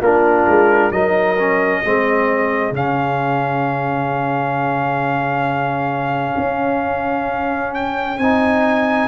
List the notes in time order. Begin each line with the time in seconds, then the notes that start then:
0.00 A#3 D4 F4 A#4
0.47 G#3
0.91 F#3 D#4 A#4 D#5
1.39 C#4
1.82 G#3 C4 G#4
2.71 C#3 C#4 F5
6.37 C#4
7.74 G5
8.17 C4 D#4 G#5